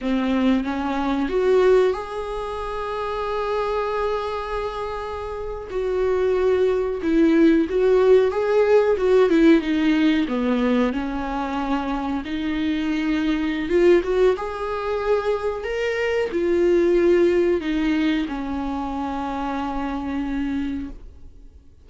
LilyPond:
\new Staff \with { instrumentName = "viola" } { \time 4/4 \tempo 4 = 92 c'4 cis'4 fis'4 gis'4~ | gis'1~ | gis'8. fis'2 e'4 fis'16~ | fis'8. gis'4 fis'8 e'8 dis'4 b16~ |
b8. cis'2 dis'4~ dis'16~ | dis'4 f'8 fis'8 gis'2 | ais'4 f'2 dis'4 | cis'1 | }